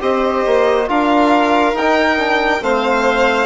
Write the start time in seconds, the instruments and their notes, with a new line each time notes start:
0.00 bassoon C4, trombone G4, violin C5 D#5
0.46 bassoon A#3
0.87 bassoon D4, trombone F4, violin A#4 F5
1.73 bassoon D#4, violin G5
1.80 trombone D#4
2.18 trombone D4
2.61 bassoon A3, trombone C4, violin C5 F5